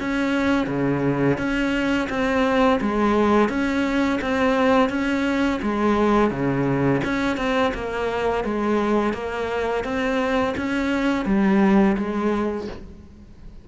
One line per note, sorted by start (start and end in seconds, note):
0.00 0.67 C#4
0.67 1.38 C#3
1.38 2.08 C#4
2.10 2.80 C4
2.81 3.49 G#3
3.49 4.19 C#4
4.21 4.90 C4
4.90 5.60 C#4
5.62 6.30 G#3
6.30 7.01 C#3
7.04 7.37 C#4
7.37 7.73 C4
7.74 8.44 A#3
8.44 9.13 G#3
9.13 9.84 A#3
9.84 10.55 C4
10.57 11.26 C#4
11.26 11.96 G3
11.97 12.68 G#3